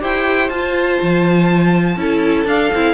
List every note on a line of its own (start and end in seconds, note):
0.00 0.49 E4
0.00 0.49 G4
0.00 1.98 C5
0.00 0.50 G5
0.49 0.99 F4
0.49 1.97 F4
0.49 2.46 A5
1.02 1.96 F3
1.96 2.45 C#4
1.96 2.47 E4
1.96 2.94 A4
2.45 2.70 D4
2.45 2.72 D4
2.45 2.94 F5
2.74 2.94 C4
2.74 2.94 E4